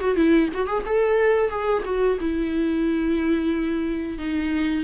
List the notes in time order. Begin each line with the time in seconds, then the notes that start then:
0.00 F#4
0.16 E4
0.54 F#4
0.67 G#4
0.86 A4
1.50 G#4
1.85 F#4
2.20 E4
4.18 D#4